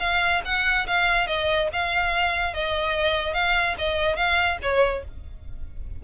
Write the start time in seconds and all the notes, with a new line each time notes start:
0.00 F5
0.45 F#5
0.87 F5
1.27 D#5
1.73 F5
2.54 D#5
3.34 F5
3.78 D#5
4.16 F5
4.62 C#5